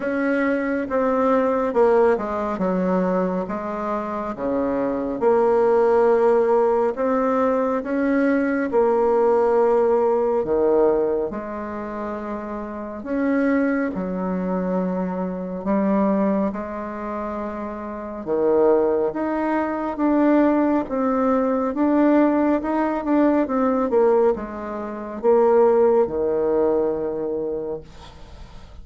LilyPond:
\new Staff \with { instrumentName = "bassoon" } { \time 4/4 \tempo 4 = 69 cis'4 c'4 ais8 gis8 fis4 | gis4 cis4 ais2 | c'4 cis'4 ais2 | dis4 gis2 cis'4 |
fis2 g4 gis4~ | gis4 dis4 dis'4 d'4 | c'4 d'4 dis'8 d'8 c'8 ais8 | gis4 ais4 dis2 | }